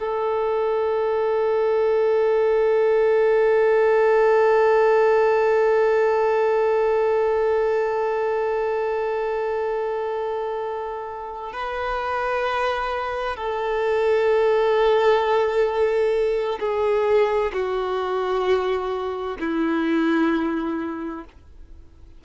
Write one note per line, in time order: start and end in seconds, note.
0.00 11.53 A4
11.53 13.37 B4
13.37 16.60 A4
16.60 17.53 G#4
17.53 19.38 F#4
19.40 21.25 E4